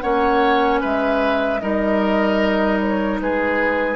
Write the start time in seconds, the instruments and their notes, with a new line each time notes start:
0.00 bassoon A#3, clarinet C#4, oboe C#5, flute F#5
0.81 bassoon G#3, oboe B4, flute E5
1.60 bassoon G3, clarinet D#4, oboe A#4, flute D#5
2.80 flute C#5
3.20 bassoon G#3, oboe G#4, flute B4